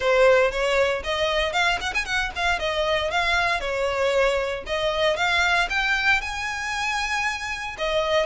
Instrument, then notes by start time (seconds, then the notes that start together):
violin
0.00 C5
0.51 C#5
1.03 D#5
1.53 F5
1.80 F#5
1.94 G#5
2.05 F#5
2.35 F5
2.59 D#5
3.10 F5
3.60 C#5
4.66 D#5
5.16 F5
5.69 G5
6.21 G#5
7.78 D#5